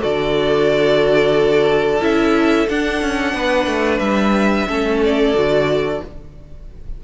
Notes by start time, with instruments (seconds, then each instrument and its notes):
0.00 cello D3, viola F#4, violin A4 D5
2.01 cello C#4, viola E4, violin E5
2.69 cello D4, viola D4, violin F#5
3.02 cello C#4
3.34 cello B3, violin B4
3.67 cello A3
3.99 cello G3, violin E5
4.68 cello A3, viola C#4, violin A4
5.04 violin D5
5.34 cello D3, viola F#4